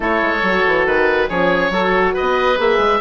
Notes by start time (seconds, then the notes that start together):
0.00 A3 E4 A4 C#5
0.22 G#3
0.42 F#3 F#4
0.66 E3
0.86 D#3 B4
1.28 F3 C#4 G#4 C#5
1.70 F#3 F#4 A4
2.13 B4 D#5
2.21 B3
2.57 A#3 G#4 E5
2.78 G#3